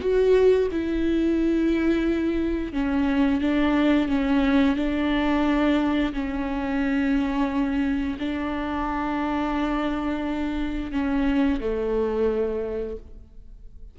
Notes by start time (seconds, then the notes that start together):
0.00 F#4
0.71 E4
2.72 C#4
3.41 D4
4.08 C#4
4.76 D4
6.12 C#4
8.18 D4
10.91 C#4
11.60 A3